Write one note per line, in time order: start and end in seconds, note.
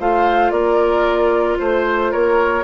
0.00 0.52 A3
0.00 2.64 F4
0.00 0.52 C5
0.00 0.51 F5
0.51 1.58 A#3
0.51 1.59 A#4
0.51 1.58 D5
1.59 2.13 A3
1.59 2.12 C5
1.59 2.13 C5
2.12 2.64 A#3
2.12 2.64 A#4
2.12 2.64 C#5